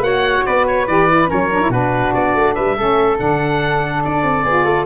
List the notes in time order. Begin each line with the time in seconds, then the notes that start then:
0.00 A#3 F#4 C#5 F#5
0.45 B3 B4 D5
0.67 C#5
0.87 E3 G4 D5
1.08 E4
1.28 F#3 C#4 A#4 C#5
1.52 D4
1.61 E4
1.69 B2 D4 F#4 B4
2.14 B3 D5
2.35 A3
2.54 G3 B4 E5
2.77 A3 C#4 A4
3.17 D3 D4 F#5
4.05 D4 D5
4.23 C4
4.44 B3 F4 G#4
4.65 A3 A4